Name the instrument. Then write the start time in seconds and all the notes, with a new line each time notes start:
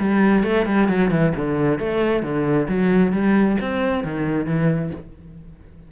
cello
0.00 G3
0.44 A3
0.66 G3
0.89 F#3
1.11 E3
1.36 D3
1.79 A3
2.23 D3
2.69 F#3
3.13 G3
3.62 C4
4.04 D#3
4.46 E3